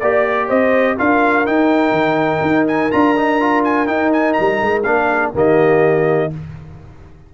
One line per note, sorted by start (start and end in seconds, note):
0.00 0.50 A#3
0.00 0.98 G4
0.00 0.48 D5
0.48 0.99 C4
0.48 0.96 C5
0.48 0.98 D#5
0.97 1.47 D4
0.97 1.46 F4
0.97 5.09 A#4
0.97 1.46 F5
1.46 2.91 D#4
1.46 1.92 D#4
1.46 2.67 G5
1.92 2.40 D#3
2.42 2.90 D#4
2.68 2.92 G#5
2.91 3.87 D4
2.91 3.16 F4
2.91 3.64 A#5
3.17 3.41 D#4
3.41 3.87 F4
3.65 3.87 G#5
3.87 4.84 D#4
3.87 4.36 D#4
3.87 4.11 G5
4.13 4.33 G#5
4.33 4.82 A#5
4.40 4.62 G3
4.62 4.86 G#3
4.83 5.34 A#3
4.83 5.34 D4
4.83 5.32 F5
5.09 5.33 G#4
5.34 6.31 D#3
5.34 6.31 A#3
5.34 6.31 G4
5.34 6.34 D#5